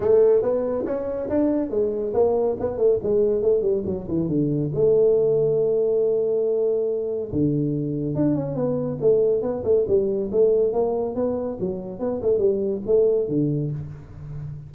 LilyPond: \new Staff \with { instrumentName = "tuba" } { \time 4/4 \tempo 4 = 140 a4 b4 cis'4 d'4 | gis4 ais4 b8 a8 gis4 | a8 g8 fis8 e8 d4 a4~ | a1~ |
a4 d2 d'8 cis'8 | b4 a4 b8 a8 g4 | a4 ais4 b4 fis4 | b8 a8 g4 a4 d4 | }